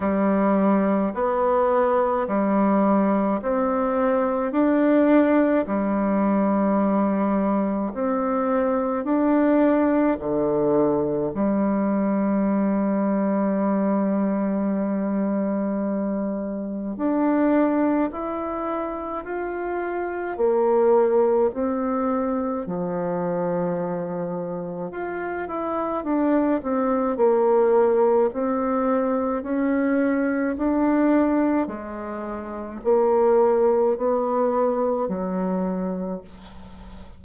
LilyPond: \new Staff \with { instrumentName = "bassoon" } { \time 4/4 \tempo 4 = 53 g4 b4 g4 c'4 | d'4 g2 c'4 | d'4 d4 g2~ | g2. d'4 |
e'4 f'4 ais4 c'4 | f2 f'8 e'8 d'8 c'8 | ais4 c'4 cis'4 d'4 | gis4 ais4 b4 fis4 | }